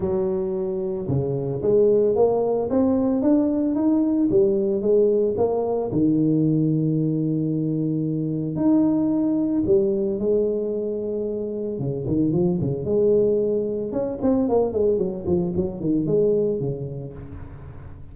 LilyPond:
\new Staff \with { instrumentName = "tuba" } { \time 4/4 \tempo 4 = 112 fis2 cis4 gis4 | ais4 c'4 d'4 dis'4 | g4 gis4 ais4 dis4~ | dis1 |
dis'2 g4 gis4~ | gis2 cis8 dis8 f8 cis8 | gis2 cis'8 c'8 ais8 gis8 | fis8 f8 fis8 dis8 gis4 cis4 | }